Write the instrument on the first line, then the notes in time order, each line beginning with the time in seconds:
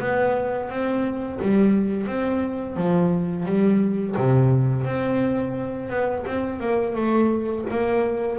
double bass
0.00 B3
0.70 C4
1.42 G3
2.07 C4
2.77 F3
3.46 G3
4.17 C3
4.85 C4
5.90 B3
6.27 C4
6.61 A#3
6.95 A3
7.71 A#3